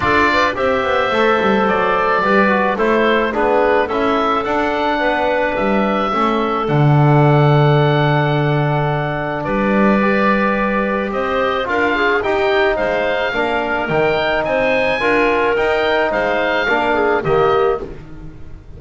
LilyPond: <<
  \new Staff \with { instrumentName = "oboe" } { \time 4/4 \tempo 4 = 108 d''4 e''2 d''4~ | d''4 c''4 b'4 e''4 | fis''2 e''2 | fis''1~ |
fis''4 d''2. | dis''4 f''4 g''4 f''4~ | f''4 g''4 gis''2 | g''4 f''2 dis''4 | }
  \new Staff \with { instrumentName = "clarinet" } { \time 4/4 a'8 b'8 c''2. | b'4 a'4 gis'4 a'4~ | a'4 b'2 a'4~ | a'1~ |
a'4 b'2. | c''4 ais'8 gis'8 g'4 c''4 | ais'2 c''4 ais'4~ | ais'4 c''4 ais'8 gis'8 g'4 | }
  \new Staff \with { instrumentName = "trombone" } { \time 4/4 f'4 g'4 a'2 | g'8 fis'8 e'4 d'4 e'4 | d'2. cis'4 | d'1~ |
d'2 g'2~ | g'4 f'4 dis'2 | d'4 dis'2 f'4 | dis'2 d'4 ais4 | }
  \new Staff \with { instrumentName = "double bass" } { \time 4/4 d'4 c'8 b8 a8 g8 fis4 | g4 a4 b4 cis'4 | d'4 b4 g4 a4 | d1~ |
d4 g2. | c'4 d'4 dis'4 gis4 | ais4 dis4 c'4 d'4 | dis'4 gis4 ais4 dis4 | }
>>